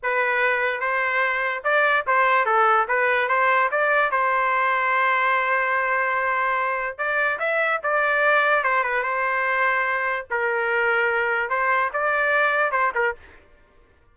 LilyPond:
\new Staff \with { instrumentName = "trumpet" } { \time 4/4 \tempo 4 = 146 b'2 c''2 | d''4 c''4 a'4 b'4 | c''4 d''4 c''2~ | c''1~ |
c''4 d''4 e''4 d''4~ | d''4 c''8 b'8 c''2~ | c''4 ais'2. | c''4 d''2 c''8 ais'8 | }